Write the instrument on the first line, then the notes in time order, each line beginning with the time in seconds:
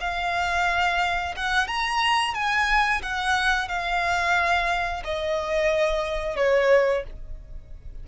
violin
0.00 F5
1.36 F#5
1.67 A#5
2.34 G#5
3.02 F#5
3.68 F5
5.04 D#5
6.36 C#5